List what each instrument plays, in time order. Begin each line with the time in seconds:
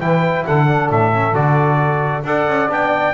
0.00 double bass E3, trombone E4, saxophone B4, trumpet G5
0.45 double bass D3, saxophone A4, trumpet F#5
0.67 trombone D4
0.90 double bass A2, trumpet E5
1.13 trombone C#4
1.33 double bass D3, trombone F#4, trumpet D5
2.24 double bass D4, trombone A4, saxophone D5, trumpet F#5
2.47 double bass C#4
2.69 double bass B3, trombone D4, trumpet G5